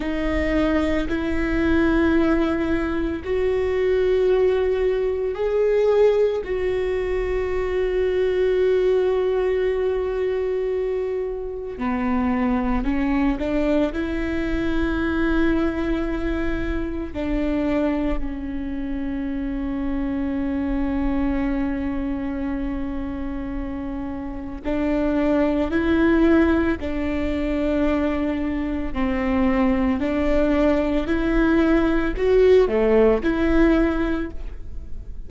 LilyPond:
\new Staff \with { instrumentName = "viola" } { \time 4/4 \tempo 4 = 56 dis'4 e'2 fis'4~ | fis'4 gis'4 fis'2~ | fis'2. b4 | cis'8 d'8 e'2. |
d'4 cis'2.~ | cis'2. d'4 | e'4 d'2 c'4 | d'4 e'4 fis'8 a8 e'4 | }